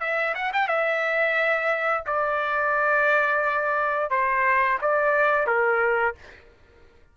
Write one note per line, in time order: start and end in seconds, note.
0.00 0.34 E5
0.34 0.51 F#5
0.53 0.68 G5
0.68 2.04 E5
2.06 4.10 D5
4.10 4.78 C5
4.81 5.46 D5
5.46 6.15 A#4